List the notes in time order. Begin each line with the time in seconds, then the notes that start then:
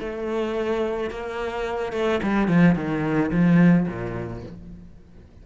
0.00 A3
1.11 A#3
1.93 A3
2.23 G3
2.48 F3
2.76 D#3
3.32 F3
3.88 A#2